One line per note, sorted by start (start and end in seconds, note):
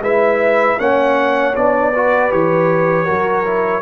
0.00 0.76 G#3
0.00 0.79 E4
0.00 0.78 B4
0.00 0.79 E5
0.79 1.55 A#3
0.79 1.55 C#4
0.79 1.94 C#5
0.79 1.55 F#5
1.55 2.32 B3
1.55 1.93 D4
1.55 2.32 D5
1.94 2.31 F#4
1.94 3.05 B4
2.31 3.08 E3
2.31 3.06 G4
2.31 3.82 C#5
3.05 3.82 F#3
3.05 3.44 F#4
3.05 3.81 A#4
3.45 3.82 E4